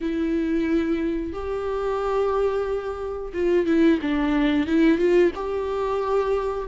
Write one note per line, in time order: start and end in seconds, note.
0.00 1.32 E4
1.32 3.32 G4
3.33 3.65 F4
3.65 3.99 E4
4.01 4.66 D4
4.66 4.98 E4
4.98 5.31 F4
5.35 6.68 G4